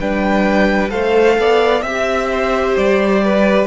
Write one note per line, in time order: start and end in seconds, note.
0.00 0.92 G3
0.00 0.90 D4
0.00 0.91 B4
0.00 0.90 G5
0.90 1.38 A3
0.90 1.82 A4
0.90 1.37 C5
0.90 1.82 F5
1.38 1.82 B3
1.38 1.82 D5
1.82 2.74 C4
1.82 3.67 G4
1.82 2.28 E5
1.82 2.77 E5
2.32 3.24 C5
2.77 3.67 G3
2.77 3.67 D5
3.24 3.67 B4